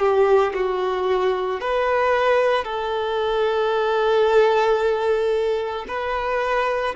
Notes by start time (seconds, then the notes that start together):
0.00 G4
0.54 F#4
1.61 B4
2.64 A4
5.88 B4